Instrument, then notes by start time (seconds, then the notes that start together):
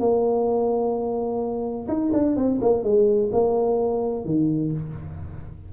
tuba
0.00 A#3
1.88 D#4
2.13 D4
2.37 C4
2.62 A#3
2.83 G#3
3.32 A#3
4.25 D#3